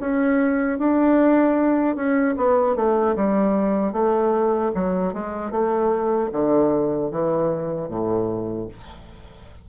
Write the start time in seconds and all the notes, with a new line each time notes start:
0.00 C#4
0.78 D4
1.95 C#4
2.36 B3
2.75 A3
3.15 G3
3.92 A3
4.74 F#3
5.13 G#3
5.50 A3
6.32 D3
7.11 E3
7.88 A2